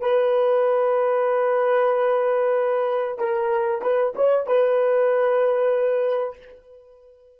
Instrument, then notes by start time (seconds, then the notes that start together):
horn
0.00 B4
3.19 A#4
3.82 B4
4.15 C#5
4.47 B4